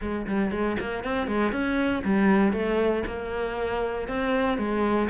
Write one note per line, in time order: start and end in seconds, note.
0.01 0.26 G#3
0.26 0.51 G3
0.51 0.76 G#3
0.80 1.04 A#3
1.04 1.27 C4
1.27 1.52 G#3
1.52 2.02 C#4
2.04 2.52 G3
2.52 3.03 A3
3.06 4.07 A#3
4.07 4.57 C4
4.57 5.08 G#3